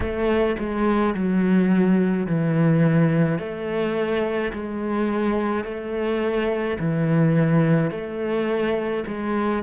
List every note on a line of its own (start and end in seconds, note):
0.00 0.56 A3
0.59 1.14 G#3
1.14 2.26 F#3
2.26 3.38 E3
3.38 4.51 A3
4.52 5.64 G#3
5.64 6.77 A3
6.79 7.90 E3
7.90 9.04 A3
9.07 9.63 G#3